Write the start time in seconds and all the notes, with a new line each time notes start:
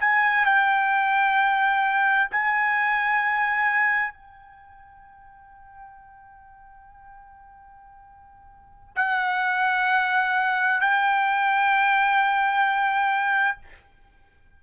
0.00 G#5
0.45 G5
2.31 G#5
4.13 G5
8.96 F#5
10.80 G5